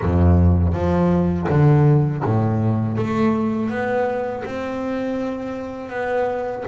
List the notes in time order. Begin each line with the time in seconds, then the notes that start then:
0.02 F2
0.73 F3
1.49 D3
2.24 A2
2.97 A3
3.69 B3
4.44 C4
5.89 B3